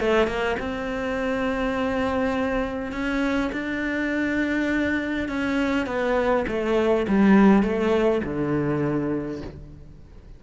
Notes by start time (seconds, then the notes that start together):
0.00 A3
0.27 A#3
0.60 C4
2.92 C#4
3.52 D4
5.29 C#4
5.87 B3
6.48 A3
7.08 G3
7.63 A3
8.24 D3